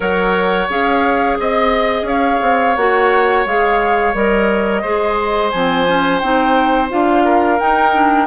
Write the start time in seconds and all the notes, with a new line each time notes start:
0.00 F#3 A#4 C#5 F#5
0.69 C#4 G#4 F5
1.39 C4 D#5
2.02 C#4 C#5 F5
2.41 C4
2.76 A#3 F#4 F#5
3.45 G#3 G#4 F5
4.14 G3 A#4 D#5
4.81 G#3 G#4 C5
5.49 F3 C4 G#5
5.86 C#4
6.19 C4 D#4 G5
6.89 D4 F4 F5
7.24 A#4
7.59 D#4 G5
7.93 D4